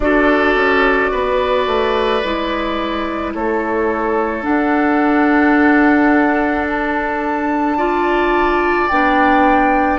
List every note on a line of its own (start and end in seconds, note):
0.00 0.55 D4
0.00 2.23 F#4
0.00 1.11 A4
0.00 3.33 D5
0.55 1.10 C#4
1.11 1.66 B3
1.11 3.33 B4
1.66 2.22 A3
2.23 3.34 G#3
2.23 4.43 E4
3.33 4.45 A3
3.33 7.77 A4
3.33 4.43 C#5
4.43 7.76 D4
4.43 8.89 D4
4.43 6.66 F#5
6.66 8.88 A5
7.77 8.89 F4
7.77 9.98 D5
8.88 9.98 B3
8.88 9.98 D4
8.88 9.98 G5